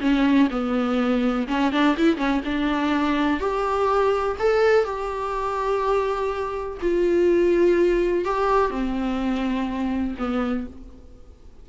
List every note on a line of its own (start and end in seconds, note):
0.00 0.48 C#4
0.50 1.47 B3
1.48 1.72 C#4
1.72 1.96 D4
1.97 2.17 E4
2.17 2.41 C#4
2.45 3.40 D4
3.40 4.37 G4
4.39 4.85 A4
4.85 6.78 G4
6.82 8.25 F4
8.25 8.70 G4
8.70 10.15 C4
10.19 10.67 B3